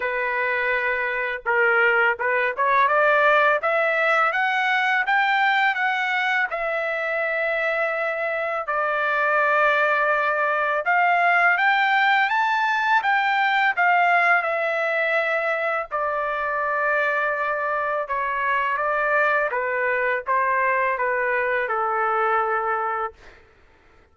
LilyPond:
\new Staff \with { instrumentName = "trumpet" } { \time 4/4 \tempo 4 = 83 b'2 ais'4 b'8 cis''8 | d''4 e''4 fis''4 g''4 | fis''4 e''2. | d''2. f''4 |
g''4 a''4 g''4 f''4 | e''2 d''2~ | d''4 cis''4 d''4 b'4 | c''4 b'4 a'2 | }